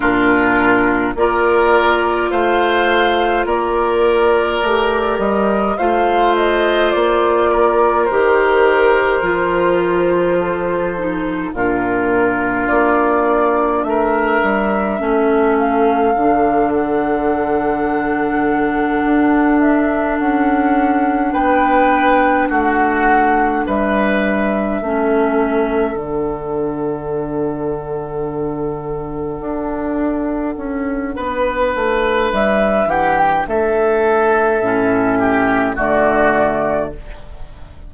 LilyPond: <<
  \new Staff \with { instrumentName = "flute" } { \time 4/4 \tempo 4 = 52 ais'4 d''4 f''4 d''4~ | d''8 dis''8 f''8 dis''8 d''4 c''4~ | c''2 ais'4 d''4 | e''4. f''4 fis''4.~ |
fis''4 e''8 fis''4 g''4 fis''8~ | fis''8 e''2 fis''4.~ | fis''1 | e''8 fis''16 g''16 e''2 d''4 | }
  \new Staff \with { instrumentName = "oboe" } { \time 4/4 f'4 ais'4 c''4 ais'4~ | ais'4 c''4. ais'4.~ | ais'4 a'4 f'2 | ais'4 a'2.~ |
a'2~ a'8 b'4 fis'8~ | fis'8 b'4 a'2~ a'8~ | a'2. b'4~ | b'8 g'8 a'4. g'8 fis'4 | }
  \new Staff \with { instrumentName = "clarinet" } { \time 4/4 d'4 f'2. | g'4 f'2 g'4 | f'4. dis'8 d'2~ | d'4 cis'4 d'2~ |
d'1~ | d'4. cis'4 d'4.~ | d'1~ | d'2 cis'4 a4 | }
  \new Staff \with { instrumentName = "bassoon" } { \time 4/4 ais,4 ais4 a4 ais4 | a8 g8 a4 ais4 dis4 | f2 ais,4 ais4 | a8 g8 a4 d2~ |
d8 d'4 cis'4 b4 a8~ | a8 g4 a4 d4.~ | d4. d'4 cis'8 b8 a8 | g8 e8 a4 a,4 d4 | }
>>